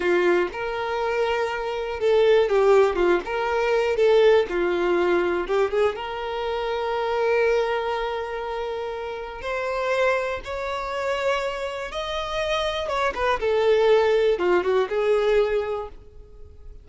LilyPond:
\new Staff \with { instrumentName = "violin" } { \time 4/4 \tempo 4 = 121 f'4 ais'2. | a'4 g'4 f'8 ais'4. | a'4 f'2 g'8 gis'8 | ais'1~ |
ais'2. c''4~ | c''4 cis''2. | dis''2 cis''8 b'8 a'4~ | a'4 f'8 fis'8 gis'2 | }